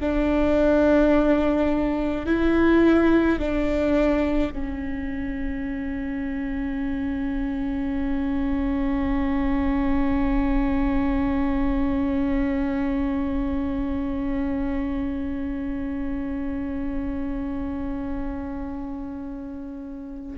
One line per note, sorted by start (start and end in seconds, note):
0.00 2.26 D4
2.26 3.39 E4
3.39 4.52 D4
4.53 20.37 C#4